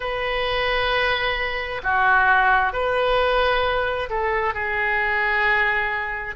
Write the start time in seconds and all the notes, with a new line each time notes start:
0.00 B4
1.83 F#4
2.73 B4
4.09 A4
4.53 G#4